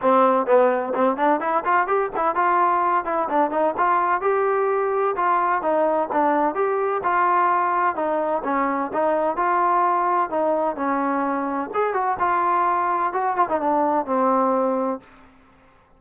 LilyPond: \new Staff \with { instrumentName = "trombone" } { \time 4/4 \tempo 4 = 128 c'4 b4 c'8 d'8 e'8 f'8 | g'8 e'8 f'4. e'8 d'8 dis'8 | f'4 g'2 f'4 | dis'4 d'4 g'4 f'4~ |
f'4 dis'4 cis'4 dis'4 | f'2 dis'4 cis'4~ | cis'4 gis'8 fis'8 f'2 | fis'8 f'16 dis'16 d'4 c'2 | }